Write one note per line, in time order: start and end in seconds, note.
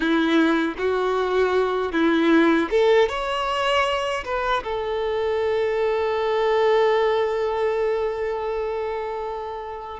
0.00 0.74 E4
0.77 1.92 F#4
1.92 2.69 E4
2.70 3.08 A4
3.08 4.24 C#5
4.24 4.63 B4
4.63 9.99 A4